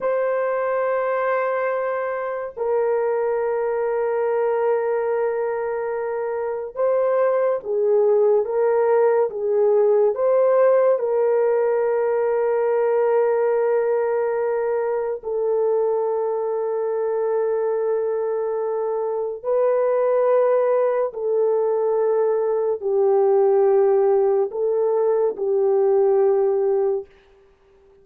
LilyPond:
\new Staff \with { instrumentName = "horn" } { \time 4/4 \tempo 4 = 71 c''2. ais'4~ | ais'1 | c''4 gis'4 ais'4 gis'4 | c''4 ais'2.~ |
ais'2 a'2~ | a'2. b'4~ | b'4 a'2 g'4~ | g'4 a'4 g'2 | }